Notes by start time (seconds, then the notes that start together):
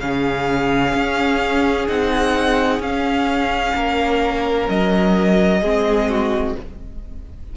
0.00 C#3 C#4 G#4 F5
0.95 C#4
1.88 C4 D#4 F#5
2.80 C#4 F5
3.75 A#3 A#4
4.69 F#3 D#5
5.62 G#3 C4 G#4
6.10 F#4